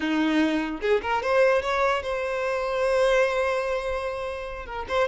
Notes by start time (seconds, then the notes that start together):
0.00 D#4
0.81 G#4
1.02 A#4
1.22 C5
1.62 C#5
2.02 C5
4.65 A#4
4.88 C5